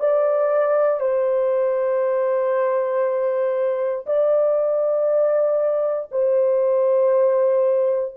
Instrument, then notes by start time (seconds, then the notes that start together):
horn
0.00 D5
1.00 C5
4.06 D5
6.12 C5